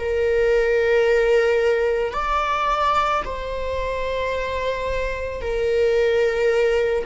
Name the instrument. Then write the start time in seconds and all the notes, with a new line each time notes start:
viola
0.00 A#4
2.14 D5
3.25 C5
5.41 A#4